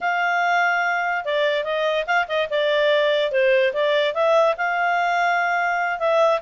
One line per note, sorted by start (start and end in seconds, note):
0.00 1.24 F5
1.24 1.64 D5
1.64 2.05 D#5
2.06 2.27 F5
2.28 2.48 D#5
2.50 3.31 D5
3.31 3.73 C5
3.73 4.14 D5
4.14 4.55 E5
4.57 5.99 F5
5.99 6.40 E5